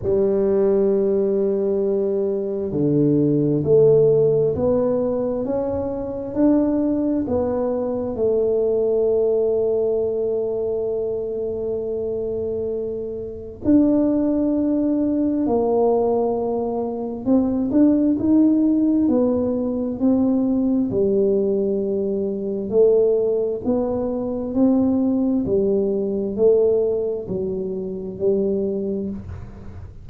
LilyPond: \new Staff \with { instrumentName = "tuba" } { \time 4/4 \tempo 4 = 66 g2. d4 | a4 b4 cis'4 d'4 | b4 a2.~ | a2. d'4~ |
d'4 ais2 c'8 d'8 | dis'4 b4 c'4 g4~ | g4 a4 b4 c'4 | g4 a4 fis4 g4 | }